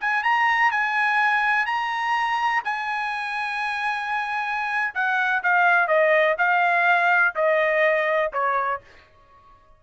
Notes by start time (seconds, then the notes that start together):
0.00 G#5
0.23 A#5
0.71 G#5
1.66 A#5
2.64 G#5
4.94 F#5
5.43 F5
5.87 D#5
6.38 F5
7.35 D#5
8.32 C#5